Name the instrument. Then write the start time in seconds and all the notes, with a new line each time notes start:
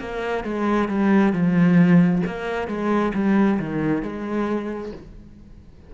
cello
0.00 A#3
0.44 G#3
0.88 G3
1.33 F3
2.26 A#3
2.67 G#3
3.14 G3
3.59 D#3
4.03 G#3